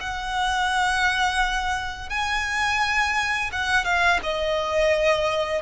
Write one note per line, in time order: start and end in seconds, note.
0.00 2.10 F#5
2.10 3.51 G#5
3.52 3.85 F#5
3.85 4.20 F5
4.23 5.62 D#5